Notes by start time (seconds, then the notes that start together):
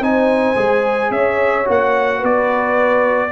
0.00 C4 D#4 C5 G#5
0.56 G#3 G#4
1.11 C#4 C#5 E5
1.65 A#3 F#4 F#5
2.18 B3 B4
2.25 D5